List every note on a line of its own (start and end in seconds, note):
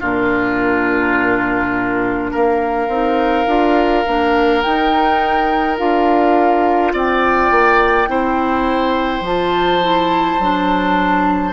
0.00 2.32 A#2
0.00 2.88 D4
0.00 2.31 F4
0.00 2.33 A#4
2.31 2.88 A#3
2.31 6.92 A#4
2.31 4.62 F5
2.88 3.46 C4
2.88 3.47 D#4
3.46 4.04 D4
3.46 4.05 F4
4.06 4.64 A#3
4.06 4.64 D4
4.62 5.77 D#4
4.62 5.80 D#4
4.62 5.77 G5
5.77 6.93 D4
5.77 8.07 F4
5.77 6.94 F5
6.93 7.51 C4
6.93 8.09 D5
6.93 9.26 G5
7.51 8.08 A#3
8.07 9.21 C4
8.07 9.23 E4
8.07 11.53 C5
9.21 10.36 F3
9.21 9.82 F4
9.21 11.53 A5
9.82 10.40 E4
10.39 11.53 F#3
10.39 11.53 D4